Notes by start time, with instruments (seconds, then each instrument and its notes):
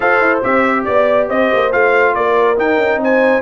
0.00 tuba F4, trombone A4, horn C5, trumpet F5
0.20 tuba E4
0.43 tuba C4, trombone G4, trumpet E5
0.84 tuba B3, trumpet D5, horn D5
1.28 tuba C4, horn C5, trumpet D#5
1.53 tuba A#3
1.71 tuba A3, trombone F4, trumpet F5
2.14 tuba A#3, horn A#4, trumpet D5
2.56 trombone D#4, tuba D#4, trumpet G5
2.76 tuba C#4
2.96 tuba C4, horn C5
3.03 trumpet G#5